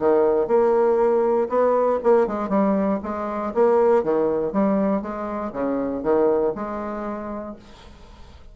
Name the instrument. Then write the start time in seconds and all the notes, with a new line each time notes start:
bassoon
0.00 D#3
0.48 A#3
1.49 B3
2.04 A#3
2.28 G#3
2.49 G3
3.04 G#3
3.55 A#3
4.04 D#3
4.53 G3
5.02 G#3
5.53 C#3
6.04 D#3
6.55 G#3